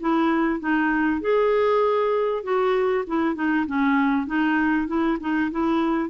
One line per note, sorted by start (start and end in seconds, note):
0.00 0.60 E4
0.60 1.21 D#4
1.21 2.43 G#4
2.43 3.04 F#4
3.07 3.35 E4
3.35 3.65 D#4
3.67 4.27 C#4
4.27 4.87 D#4
4.87 5.18 E4
5.20 5.50 D#4
5.51 6.09 E4